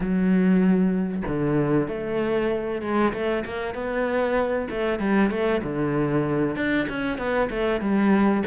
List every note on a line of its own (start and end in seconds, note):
0.00 1.22 F#3
1.27 1.88 D3
1.88 2.81 A3
2.81 3.12 G#3
3.13 3.44 A3
3.45 3.74 A#3
3.74 4.68 B3
4.69 4.99 A3
4.99 5.30 G3
5.30 5.61 A3
5.63 6.56 D3
6.56 6.87 D4
6.89 7.18 C#4
7.18 7.49 B3
7.50 7.80 A3
7.80 8.43 G3